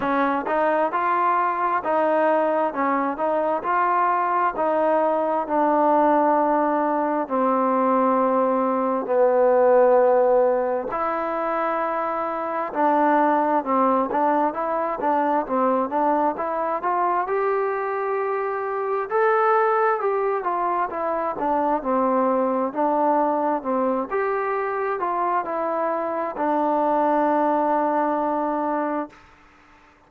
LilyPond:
\new Staff \with { instrumentName = "trombone" } { \time 4/4 \tempo 4 = 66 cis'8 dis'8 f'4 dis'4 cis'8 dis'8 | f'4 dis'4 d'2 | c'2 b2 | e'2 d'4 c'8 d'8 |
e'8 d'8 c'8 d'8 e'8 f'8 g'4~ | g'4 a'4 g'8 f'8 e'8 d'8 | c'4 d'4 c'8 g'4 f'8 | e'4 d'2. | }